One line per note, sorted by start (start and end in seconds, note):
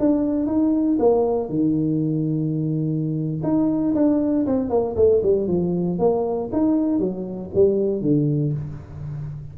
0.00 0.47 D4
0.47 0.98 D#4
1.00 1.50 A#3
1.50 3.42 D#3
3.44 3.95 D#4
3.95 4.47 D4
4.47 4.70 C4
4.70 4.96 A#3
4.97 5.22 A3
5.24 5.48 G3
5.48 5.99 F3
6.00 6.51 A#3
6.53 7.00 D#4
7.00 7.51 F#3
7.55 8.02 G3
8.02 8.53 D3